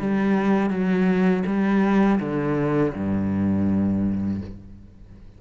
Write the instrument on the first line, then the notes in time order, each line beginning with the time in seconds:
cello
0.00 G3
0.71 F#3
1.47 G3
2.21 D3
2.95 G2